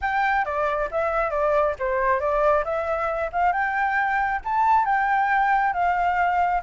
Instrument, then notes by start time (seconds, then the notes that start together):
flute
0.01 G5
0.45 D5
0.91 E5
1.30 D5
1.79 C5
2.20 D5
2.64 E5
3.32 F5
3.52 G5
4.44 A5
4.85 G5
5.73 F5